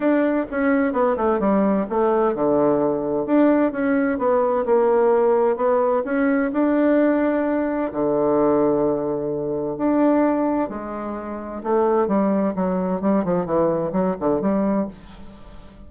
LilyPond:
\new Staff \with { instrumentName = "bassoon" } { \time 4/4 \tempo 4 = 129 d'4 cis'4 b8 a8 g4 | a4 d2 d'4 | cis'4 b4 ais2 | b4 cis'4 d'2~ |
d'4 d2.~ | d4 d'2 gis4~ | gis4 a4 g4 fis4 | g8 f8 e4 fis8 d8 g4 | }